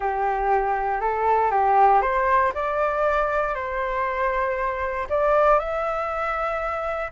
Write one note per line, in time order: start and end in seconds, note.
0.00 1.00 G4
1.00 1.50 A4
1.50 2.01 G4
2.01 2.52 C5
2.54 3.54 D5
3.54 5.07 C5
5.09 5.59 D5
5.59 7.11 E5